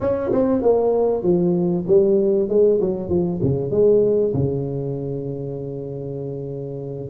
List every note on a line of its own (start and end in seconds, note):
0.00 0.31 C#4
0.32 0.62 C4
0.62 1.23 A#3
1.23 1.84 F3
1.87 2.49 G3
2.49 2.79 G#3
2.80 3.09 F#3
3.09 3.40 F3
3.42 3.71 C#3
3.71 4.32 G#3
4.33 7.10 C#3